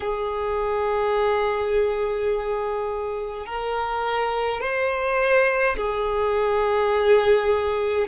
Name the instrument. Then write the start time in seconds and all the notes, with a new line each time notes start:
violin
0.00 G#4
3.46 A#4
4.60 C5
5.76 G#4